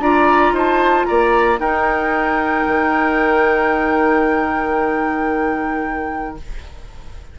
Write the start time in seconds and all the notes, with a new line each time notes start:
0.00 D4 F4 D5 A#5
0.53 D#4 C5 A5
1.06 A#3 D5 A#5
1.60 D#4 A#4 G5
2.68 D#3